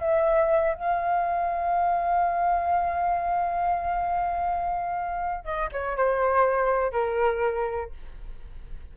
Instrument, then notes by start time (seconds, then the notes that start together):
flute
0.00 E5
0.74 F5
5.45 D#5
5.72 C#5
5.97 C5
6.92 A#4